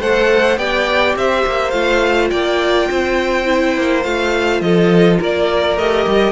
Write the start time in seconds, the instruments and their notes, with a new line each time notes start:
0.00 cello A3, viola A4, violin C5 F#5
0.58 cello B3, viola G4, violin D5 G5
1.16 cello C4, violin C5 E5
1.47 cello A#3
1.71 cello A3, viola F4, violin F5
2.31 cello A#3, violin D5 G5
2.91 cello C4, violin C5
3.45 viola E4
3.77 cello A#3
4.04 cello A3, viola F4, violin F5
4.61 cello F3, violin A4 D#5
5.20 cello A#3, violin A#4 D5
5.78 cello A3, viola G4, violin D#5
6.07 cello G3